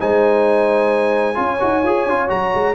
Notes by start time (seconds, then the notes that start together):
0.00 G#3 D#4 C5 G#5
1.35 C#4 F4 C#5
1.60 D#4 F#4
1.83 F4 G#4
2.07 C#4 F4
2.28 F#3 F#4 A#5
2.55 G#3